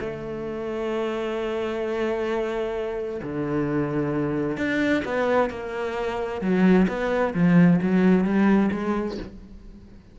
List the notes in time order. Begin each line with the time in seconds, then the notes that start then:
0.00 A3
3.23 D3
4.57 D4
5.05 B3
5.50 A#3
6.41 F#3
6.88 B3
7.34 F3
7.82 F#3
8.24 G3
8.71 G#3